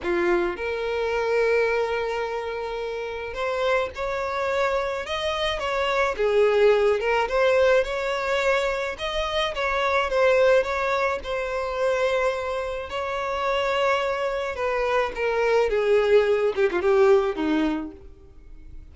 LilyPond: \new Staff \with { instrumentName = "violin" } { \time 4/4 \tempo 4 = 107 f'4 ais'2.~ | ais'2 c''4 cis''4~ | cis''4 dis''4 cis''4 gis'4~ | gis'8 ais'8 c''4 cis''2 |
dis''4 cis''4 c''4 cis''4 | c''2. cis''4~ | cis''2 b'4 ais'4 | gis'4. g'16 f'16 g'4 dis'4 | }